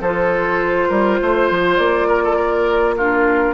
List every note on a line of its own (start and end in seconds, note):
0.00 0.88 F3
0.00 2.98 F4
0.00 0.88 A4
0.00 1.76 C5
0.88 1.19 G3
0.88 1.18 A#4
1.21 1.50 A3
1.21 2.07 C5
1.50 1.78 F3
1.76 3.54 A#3
1.76 2.94 D5
2.07 2.22 A#4
2.24 2.36 A4
2.36 2.94 A#4
2.96 3.54 D4
2.96 3.54 F4
2.96 3.54 A#4